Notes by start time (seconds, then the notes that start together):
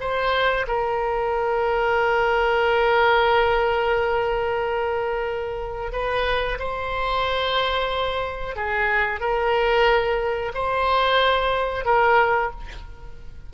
0.00 C5
0.67 A#4
5.92 B4
6.58 C5
8.55 G#4
9.20 A#4
10.54 C5
11.84 A#4